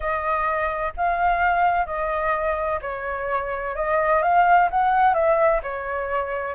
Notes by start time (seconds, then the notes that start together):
0.00 D#5
0.97 F5
1.85 D#5
2.81 C#5
3.75 D#5
4.22 F5
4.70 F#5
5.14 E5
5.62 C#5